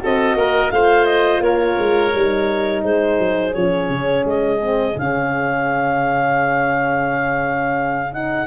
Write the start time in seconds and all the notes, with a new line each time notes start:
0.00 C4 F#4 A4 D#5
0.35 A#3 A#4
0.71 A3 F4 C5 F5
1.05 D#5
1.40 A#3 A#4 C#5
1.78 G#3
2.14 G3 D#4
2.83 G#3 G#4 C5
3.18 F#3
3.54 F3 C#4 C#5
3.89 C#3
4.24 G#3 D#5
4.61 C4
4.93 C#3 C#4 F5
8.12 D#4 F#5